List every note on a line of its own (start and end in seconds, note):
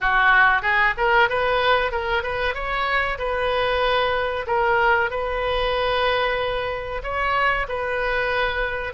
0.00 0.62 F#4
0.62 0.94 G#4
0.97 1.29 A#4
1.29 1.91 B4
1.91 2.23 A#4
2.23 2.54 B4
2.54 3.18 C#5
3.18 4.46 B4
4.47 5.10 A#4
5.10 7.02 B4
7.03 7.67 C#5
7.68 8.93 B4